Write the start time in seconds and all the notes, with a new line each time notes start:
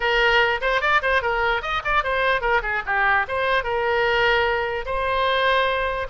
0.00 A#4
0.61 C5
0.81 D5
1.02 C5
1.22 A#4
1.62 D#5
1.84 D5
2.03 C5
2.41 A#4
2.62 G#4
2.86 G4
3.27 C5
3.63 A#4
4.85 C5